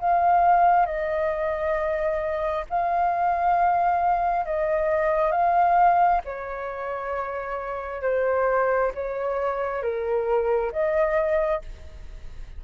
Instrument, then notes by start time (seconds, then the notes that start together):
flute
0.00 F5
0.87 D#5
2.70 F5
4.46 D#5
5.32 F5
6.25 C#5
8.02 C5
8.95 C#5
9.83 A#4
10.73 D#5